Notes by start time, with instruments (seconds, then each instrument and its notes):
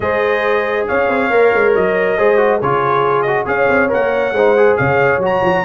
0.00 tuba G#3, trombone G#4, horn C5, trumpet D#5
0.87 tuba C#4, horn C#5, trumpet F5
1.08 tuba C4
1.30 tuba A#3, trombone A#4
1.53 tuba G#3
1.75 tuba F#3, trumpet D#5
2.17 tuba G#3, trombone G#4, horn C5
2.37 trombone F#4
2.58 tuba C#3, trombone F4, horn G#4, trumpet C#5
3.22 trombone F#4, trumpet D#5
3.45 tuba C#4, trombone G#4, horn C#5, trumpet F5
3.69 tuba C4
3.89 tuba A#3, trombone A#4, trumpet F#5
4.32 tuba G#3, trombone D#4, horn C5
4.56 trombone G#4
4.77 tuba C#3, horn C#5, trumpet F5
5.18 tuba F#3, trombone F#4
5.25 trumpet A#5
5.42 tuba F3